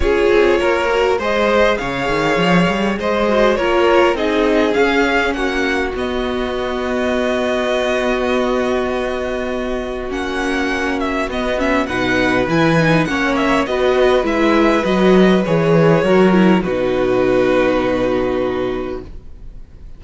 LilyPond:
<<
  \new Staff \with { instrumentName = "violin" } { \time 4/4 \tempo 4 = 101 cis''2 dis''4 f''4~ | f''4 dis''4 cis''4 dis''4 | f''4 fis''4 dis''2~ | dis''1~ |
dis''4 fis''4. e''8 dis''8 e''8 | fis''4 gis''4 fis''8 e''8 dis''4 | e''4 dis''4 cis''2 | b'1 | }
  \new Staff \with { instrumentName = "violin" } { \time 4/4 gis'4 ais'4 c''4 cis''4~ | cis''4 c''4 ais'4 gis'4~ | gis'4 fis'2.~ | fis'1~ |
fis'1 | b'2 cis''4 b'4~ | b'2. ais'4 | fis'1 | }
  \new Staff \with { instrumentName = "viola" } { \time 4/4 f'4. fis'8 gis'2~ | gis'4. fis'8 f'4 dis'4 | cis'2 b2~ | b1~ |
b4 cis'2 b8 cis'8 | dis'4 e'8 dis'8 cis'4 fis'4 | e'4 fis'4 gis'4 fis'8 e'8 | dis'1 | }
  \new Staff \with { instrumentName = "cello" } { \time 4/4 cis'8 c'8 ais4 gis4 cis8 dis8 | f8 g8 gis4 ais4 c'4 | cis'4 ais4 b2~ | b1~ |
b4 ais2 b4 | b,4 e4 ais4 b4 | gis4 fis4 e4 fis4 | b,1 | }
>>